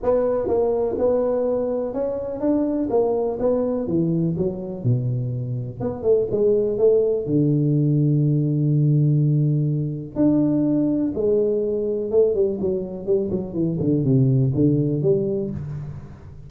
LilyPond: \new Staff \with { instrumentName = "tuba" } { \time 4/4 \tempo 4 = 124 b4 ais4 b2 | cis'4 d'4 ais4 b4 | e4 fis4 b,2 | b8 a8 gis4 a4 d4~ |
d1~ | d4 d'2 gis4~ | gis4 a8 g8 fis4 g8 fis8 | e8 d8 c4 d4 g4 | }